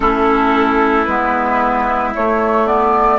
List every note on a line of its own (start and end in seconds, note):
0.00 1.06 A3
0.00 1.06 C#4
0.00 3.19 E4
0.00 1.04 A4
1.04 2.14 G#3
1.04 2.14 B3
1.04 2.11 B4
2.14 2.66 A3
2.14 3.19 A3
2.14 2.66 C#5
2.66 3.19 B3
2.66 3.19 D5